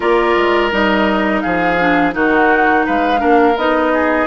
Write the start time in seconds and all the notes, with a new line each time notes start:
0.00 A#3 F4 A#4 D5
0.36 G#3
0.71 G3 D#4 D#5
1.40 F3 G#4 F5
1.78 D4
2.12 D#3 D#4 F#4 F#5
2.85 G#3 B4 F5
3.18 A#3 D4 A#4
3.56 B3 D#4 D#5
3.93 G#4